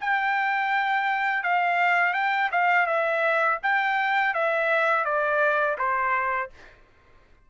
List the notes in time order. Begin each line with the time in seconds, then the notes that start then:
0.00 G5
1.43 F5
2.13 G5
2.51 F5
2.86 E5
3.62 G5
4.33 E5
5.04 D5
5.77 C5